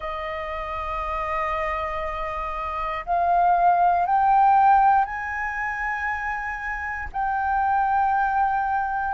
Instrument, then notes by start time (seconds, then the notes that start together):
flute
0.00 D#5
3.05 F5
4.06 G5
5.04 G#5
7.12 G5